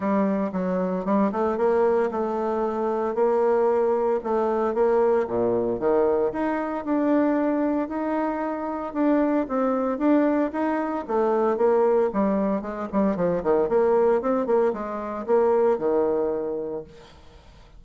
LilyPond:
\new Staff \with { instrumentName = "bassoon" } { \time 4/4 \tempo 4 = 114 g4 fis4 g8 a8 ais4 | a2 ais2 | a4 ais4 ais,4 dis4 | dis'4 d'2 dis'4~ |
dis'4 d'4 c'4 d'4 | dis'4 a4 ais4 g4 | gis8 g8 f8 dis8 ais4 c'8 ais8 | gis4 ais4 dis2 | }